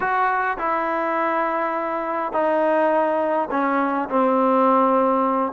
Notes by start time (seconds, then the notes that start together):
0.00 F#4
0.57 E4
2.32 D#4
3.50 C#4
4.09 C4